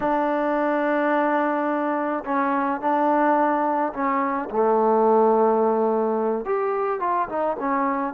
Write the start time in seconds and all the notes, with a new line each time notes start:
0.00 D4
2.24 C#4
2.80 D4
3.93 C#4
4.50 A3
6.45 G4
7.00 F4
7.28 D#4
7.59 C#4